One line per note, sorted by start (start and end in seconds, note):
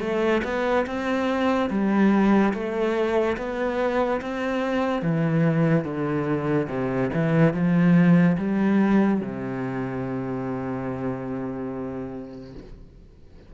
0.00 0.42 A3
0.44 0.86 B3
0.86 1.70 C4
1.70 2.53 G3
2.53 3.37 A3
3.37 4.20 B3
4.21 5.02 C4
5.02 5.84 E3
5.84 6.67 D3
6.69 7.10 C3
7.13 7.53 E3
7.53 8.37 F3
8.37 9.21 G3
9.21 12.54 C3